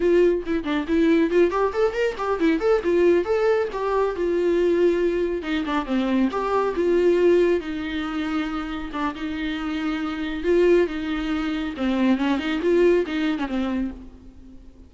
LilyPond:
\new Staff \with { instrumentName = "viola" } { \time 4/4 \tempo 4 = 138 f'4 e'8 d'8 e'4 f'8 g'8 | a'8 ais'8 g'8 e'8 a'8 f'4 a'8~ | a'8 g'4 f'2~ f'8~ | f'8 dis'8 d'8 c'4 g'4 f'8~ |
f'4. dis'2~ dis'8~ | dis'8 d'8 dis'2. | f'4 dis'2 c'4 | cis'8 dis'8 f'4 dis'8. cis'16 c'4 | }